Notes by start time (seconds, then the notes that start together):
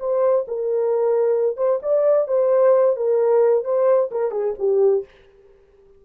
0.00 C5
0.48 A#4
1.57 C5
1.83 D5
2.28 C5
2.97 A#4
3.65 C5
4.12 A#4
4.32 G#4
4.59 G4